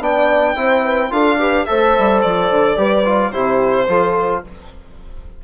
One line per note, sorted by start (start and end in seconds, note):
0.00 0.55 B3
0.00 0.55 D4
0.00 0.56 D5
0.00 1.12 G5
0.55 1.11 C4
0.55 1.10 E4
0.55 0.83 C5
0.83 1.10 B4
1.10 1.66 D4
1.10 1.38 F4
1.10 1.40 A4
1.10 1.65 F5
1.39 1.66 G4
1.39 1.68 B4
1.65 1.97 A3
1.65 2.76 A4
1.65 2.78 C5
1.65 2.20 E5
1.98 2.24 G3
2.21 2.50 F3
2.21 3.31 D5
2.50 2.77 D3
2.76 3.32 G3
2.76 3.04 G4
2.76 3.32 B4
3.05 3.33 F4
3.31 3.88 C3
3.31 3.88 E4
3.31 3.87 G4
3.31 4.41 C5
3.88 4.43 F3
3.88 4.44 F4
3.88 4.43 A4